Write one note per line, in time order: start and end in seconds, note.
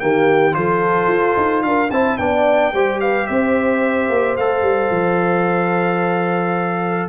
0.00 0.56 D#3
0.00 0.52 A#3
0.00 0.56 G4
0.00 0.55 G5
0.52 1.08 F3
0.52 1.88 F4
0.52 1.65 A4
0.52 1.63 C5
1.08 1.35 F4
1.37 1.63 D#4
1.63 1.90 D4
1.63 1.90 A#4
1.63 1.90 F5
1.90 2.19 C4
1.90 2.19 E4
1.90 2.18 C5
1.90 2.18 A5
2.18 2.73 B3
2.18 2.73 D4
2.18 2.74 D5
2.18 2.99 G5
2.73 3.28 G3
2.73 4.38 G4
2.73 3.01 C5
3.01 3.28 B4
3.01 3.27 F5
3.27 4.10 C4
3.27 7.09 C5
3.27 4.36 E5
4.10 4.37 A#3
4.37 4.63 A3
4.37 7.09 A4
4.37 7.09 F5
4.63 4.90 G3
4.90 7.09 F3